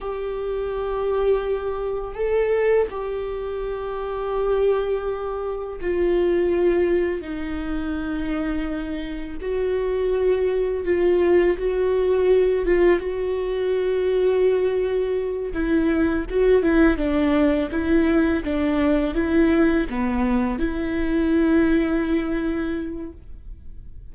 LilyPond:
\new Staff \with { instrumentName = "viola" } { \time 4/4 \tempo 4 = 83 g'2. a'4 | g'1 | f'2 dis'2~ | dis'4 fis'2 f'4 |
fis'4. f'8 fis'2~ | fis'4. e'4 fis'8 e'8 d'8~ | d'8 e'4 d'4 e'4 b8~ | b8 e'2.~ e'8 | }